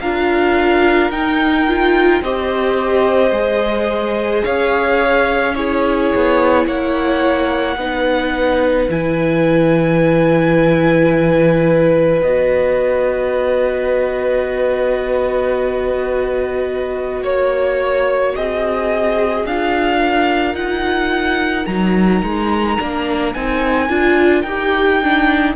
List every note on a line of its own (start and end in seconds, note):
0.00 1.10 D4
0.00 1.12 F4
0.00 2.23 A#4
0.00 1.11 F5
1.10 2.21 D#4
1.10 1.68 D#4
1.10 2.22 G5
1.68 2.23 F4
2.22 3.31 C4
2.22 3.32 G4
2.22 4.44 C5
2.22 4.44 D#5
3.31 4.42 G#3
3.31 5.55 G#4
4.44 6.13 C#4
4.44 5.55 C#5
4.44 5.55 F5
5.55 7.77 E4
5.55 6.67 G#4
5.55 6.66 C#5
6.15 6.66 B3
6.66 7.76 A#3
6.66 7.78 C#5
6.66 8.90 F#5
7.76 8.87 B3
7.76 8.90 D#4
7.76 17.22 B4
8.89 12.22 E3
8.89 12.24 E4
8.89 12.22 G#5
12.22 17.22 B3
12.22 19.47 F#4
12.22 17.22 D#5
17.22 18.33 A#3
17.22 18.34 C#5
17.22 18.36 C#5
18.36 19.46 C4
18.36 19.97 G#4
18.36 19.47 D#5
19.46 20.54 D4
19.46 21.67 F4
19.46 20.55 F5
19.97 25.53 A#4
20.54 21.65 D#4
20.54 21.66 F#5
21.66 22.22 F#3
21.66 22.78 D#4
21.66 23.33 A#5
22.23 22.78 G#3
22.79 23.35 A#3
22.79 23.35 D4
23.33 23.89 C4
23.33 23.89 D#4
23.33 24.42 G#5
23.89 24.44 D4
23.89 24.45 F4
24.42 25.55 D#4
24.42 25.02 G4
24.42 25.53 G5
25.02 25.56 D4